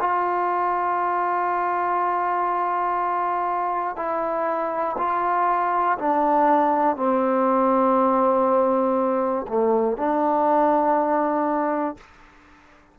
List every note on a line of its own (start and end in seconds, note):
0.00 3.97 F4
3.97 4.97 E4
4.98 5.98 F4
5.99 6.96 D4
6.96 9.46 C4
9.48 9.98 A3
9.98 11.98 D4